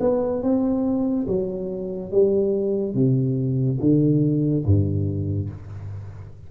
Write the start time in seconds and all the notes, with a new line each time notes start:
0.00 B3
0.42 C4
1.27 F#3
2.11 G3
2.94 C3
3.80 D3
4.65 G2